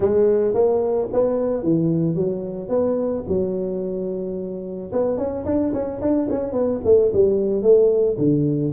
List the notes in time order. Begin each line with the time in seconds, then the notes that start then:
0.00 G#3
0.54 A#3
1.12 B3
1.63 E3
2.15 F#3
2.69 B3
3.28 F#3
4.92 B3
5.17 C#4
5.45 D4
5.73 C#4
6.01 D4
6.30 C#4
6.52 B3
6.84 A3
7.13 G3
7.62 A3
8.17 D3